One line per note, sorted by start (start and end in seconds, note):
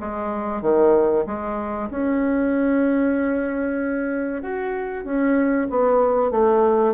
0.00 0.62 G#3
0.62 1.25 D#3
1.26 1.89 G#3
1.90 4.42 C#4
4.42 5.05 F#4
5.05 5.68 C#4
5.70 6.31 B3
6.31 6.94 A3